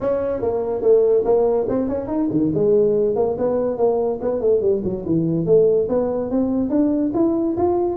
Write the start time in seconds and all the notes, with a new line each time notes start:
0.01 C#4
0.41 A#3
0.81 A3
1.25 A#3
1.69 C4
1.88 C#4
2.07 D#4
2.31 D#3
2.54 G#3
3.15 A#3
3.38 B3
3.77 A#3
4.21 B3
4.41 A3
4.61 G3
4.83 F#3
5.05 E3
5.46 A3
5.88 B3
6.30 C4
6.69 D4
7.14 E4
7.56 F4